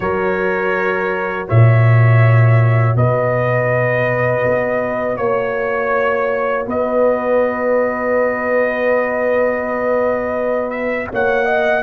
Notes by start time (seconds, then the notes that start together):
0.00 F#3 F#4 A#4 C#5
1.48 A#2 C#5 E5
2.96 B2 B4 D#5
4.44 B3
5.16 A#3 C#5
6.66 B3 B4 D#5
10.70 E5
11.12 A#3 C#5 F#5
11.45 D#5